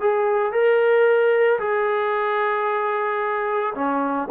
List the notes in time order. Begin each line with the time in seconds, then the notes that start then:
0.00 G#4
0.52 A#4
1.59 G#4
3.75 C#4